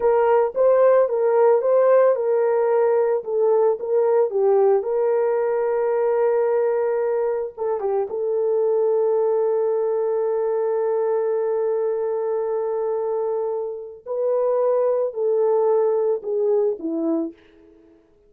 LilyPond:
\new Staff \with { instrumentName = "horn" } { \time 4/4 \tempo 4 = 111 ais'4 c''4 ais'4 c''4 | ais'2 a'4 ais'4 | g'4 ais'2.~ | ais'2 a'8 g'8 a'4~ |
a'1~ | a'1~ | a'2 b'2 | a'2 gis'4 e'4 | }